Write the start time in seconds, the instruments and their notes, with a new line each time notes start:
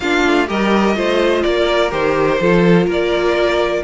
0.00 cello A#3, viola D4, violin F4 F5
0.25 cello A3
0.47 cello G3, viola G4, violin A#4 D#5
0.95 cello A3, viola F4, violin C5
1.43 cello A#3, violin A#4 D5
1.90 cello D#3, viola G4, violin C5
2.40 cello F3, viola F4, violin A4
2.86 cello A#3, violin A#4 D5